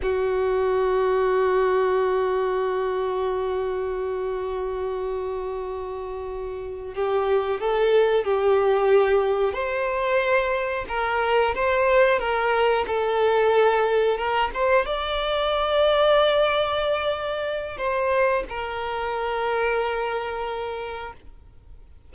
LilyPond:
\new Staff \with { instrumentName = "violin" } { \time 4/4 \tempo 4 = 91 fis'1~ | fis'1~ | fis'2~ fis'8 g'4 a'8~ | a'8 g'2 c''4.~ |
c''8 ais'4 c''4 ais'4 a'8~ | a'4. ais'8 c''8 d''4.~ | d''2. c''4 | ais'1 | }